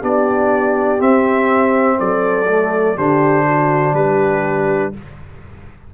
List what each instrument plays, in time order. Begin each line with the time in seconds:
0.00 tuba B3, trombone D4, horn G4, trumpet D5
0.98 trombone C4, tuba C4, trumpet E5
1.98 tuba F#3, horn A4, trumpet D5
2.48 trombone A3
2.96 tuba D3, trombone D4, horn G4, trumpet C5
3.46 horn F#4
3.93 tuba G3, horn G4, trumpet B4